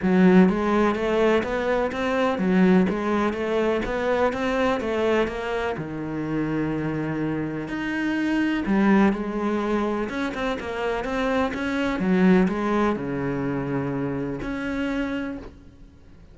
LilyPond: \new Staff \with { instrumentName = "cello" } { \time 4/4 \tempo 4 = 125 fis4 gis4 a4 b4 | c'4 fis4 gis4 a4 | b4 c'4 a4 ais4 | dis1 |
dis'2 g4 gis4~ | gis4 cis'8 c'8 ais4 c'4 | cis'4 fis4 gis4 cis4~ | cis2 cis'2 | }